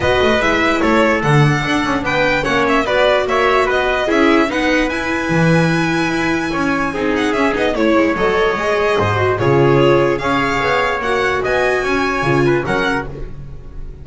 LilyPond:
<<
  \new Staff \with { instrumentName = "violin" } { \time 4/4 \tempo 4 = 147 dis''4 e''4 cis''4 fis''4~ | fis''4 g''4 fis''8 e''8 d''4 | e''4 dis''4 e''4 fis''4 | gis''1~ |
gis''4. fis''8 e''8 dis''8 cis''4 | dis''2. cis''4~ | cis''4 f''2 fis''4 | gis''2. fis''4 | }
  \new Staff \with { instrumentName = "trumpet" } { \time 4/4 b'2 a'2~ | a'4 b'4 cis''4 b'4 | cis''4 b'4 gis'4 b'4~ | b'1 |
cis''4 gis'2 cis''4~ | cis''2 c''4 gis'4~ | gis'4 cis''2. | dis''4 cis''4. b'8 ais'4 | }
  \new Staff \with { instrumentName = "viola" } { \time 4/4 fis'4 e'2 d'4~ | d'2 cis'4 fis'4~ | fis'2 e'4 dis'4 | e'1~ |
e'4 dis'4 cis'8 dis'8 e'4 | a'4 gis'4. fis'8 f'4~ | f'4 gis'2 fis'4~ | fis'2 f'4 cis'4 | }
  \new Staff \with { instrumentName = "double bass" } { \time 4/4 b8 a8 gis4 a4 d4 | d'8 cis'8 b4 ais4 b4 | ais4 b4 cis'4 b4 | e'4 e2 e'4 |
cis'4 c'4 cis'8 b8 a8 gis8 | fis4 gis4 gis,4 cis4~ | cis4 cis'4 b4 ais4 | b4 cis'4 cis4 fis4 | }
>>